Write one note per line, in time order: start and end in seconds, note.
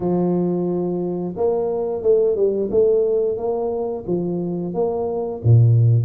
0.00 1.34 F3
1.36 2.02 A#3
2.02 2.36 A3
2.36 2.69 G3
2.70 3.37 A3
3.37 4.04 A#3
4.06 4.74 F3
4.74 5.41 A#3
5.43 6.04 A#2